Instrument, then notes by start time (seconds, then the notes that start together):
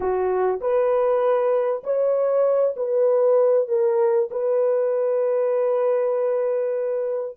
horn
0.00 F#4
0.60 B4
1.83 C#5
2.76 B4
3.68 A#4
4.31 B4